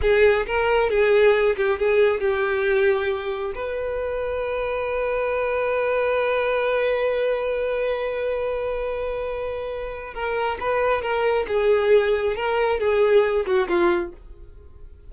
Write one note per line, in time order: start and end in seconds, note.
0.01 0.46 G#4
0.46 0.89 A#4
0.89 1.56 G#4
1.56 1.78 G4
1.78 2.20 G#4
2.20 3.52 G4
3.54 10.14 B4
10.14 10.58 A#4
10.60 11.02 B4
11.02 11.46 A#4
11.47 12.35 G#4
12.35 12.79 A#4
12.79 13.45 G#4
13.45 13.67 F#4
13.68 14.12 F4